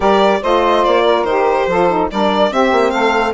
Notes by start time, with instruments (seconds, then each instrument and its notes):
0.00 bassoon G3, saxophone G4 A#4, violin D5
0.41 bassoon A3, saxophone F4 C5, violin D#5
0.84 bassoon A#3, violin D5
1.04 saxophone A#4
1.23 bassoon D#3, saxophone G4, violin C5
1.67 bassoon F3, saxophone F4 A4
1.89 saxophone D#4
2.10 bassoon G3, saxophone D4 A#4, violin D5
2.51 saxophone C4 G4, bassoon C4, violin E5
2.71 bassoon A#3
2.90 bassoon A3, saxophone A4, violin F5